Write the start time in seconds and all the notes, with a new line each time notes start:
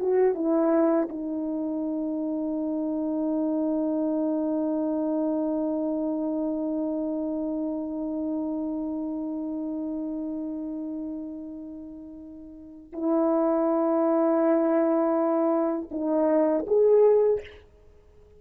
0.00 F#4
0.34 E4
1.09 D#4
12.93 E4
15.91 D#4
16.67 G#4